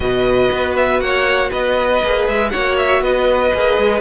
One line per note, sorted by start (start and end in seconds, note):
0.00 0.49 B2
0.00 2.01 F#4
0.00 1.03 B4
0.00 0.74 D#5
0.51 1.00 B3
0.76 1.00 E5
1.00 1.50 A#3
1.00 1.49 C#5
1.00 1.51 F#5
1.49 2.03 B3
1.49 2.50 B4
1.49 2.27 D#5
2.03 2.27 A#3
2.03 2.51 G#4
2.27 2.53 G#3
2.27 2.50 E5
2.50 3.01 A#3
2.50 3.52 F#4
2.50 3.02 C#5
2.50 2.75 F#5
2.77 3.02 E5
3.01 3.51 B3
3.01 4.00 B4
3.01 4.00 D#5
3.54 3.77 A#3
3.54 4.00 G#4
3.77 4.00 G#3